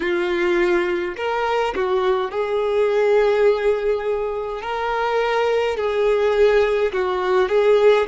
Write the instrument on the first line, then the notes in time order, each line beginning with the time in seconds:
violin
0.00 F4
1.16 A#4
1.75 F#4
2.31 G#4
4.62 A#4
5.76 G#4
6.92 F#4
7.48 G#4